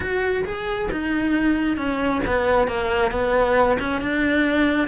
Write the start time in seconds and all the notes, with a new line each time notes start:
0.00 F#4
0.44 G#4
0.91 D#4
1.76 C#4
2.26 B3
2.67 A#3
3.11 B3
3.79 C#4
4.01 D4